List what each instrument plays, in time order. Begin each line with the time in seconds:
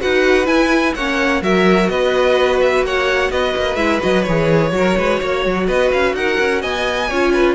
0.00 cello D#4, viola F#4, violin B4 F#5
0.45 viola E4, cello E4, violin G#5
0.95 cello A#3, viola C#4, violin C#5 F#5
1.42 cello F#3, viola F#4, violin A#4 E5
1.89 cello B3, violin B4 D#5
2.60 violin E5
2.82 cello A#3, violin C#5 F#5
3.30 cello B3, violin B4 D#5
3.56 cello A#3
3.75 cello G#3, viola E4, violin E5
4.00 cello F#3, viola F#4, violin D#5
4.23 cello E3, viola G#4, violin C#5
4.71 cello F#3, viola F#4, violin A#4
4.97 cello G#3, violin B4
5.19 cello A#3, violin C#5
5.45 cello F#3
5.67 cello B3, violin B4 D#5
5.91 cello C#4, violin F5
6.13 cello D#4, violin A#4 F#5
6.40 cello C#4
6.61 cello B3, violin D#5 G#5
7.08 cello C#4, viola F4, violin C#5
7.33 violin B4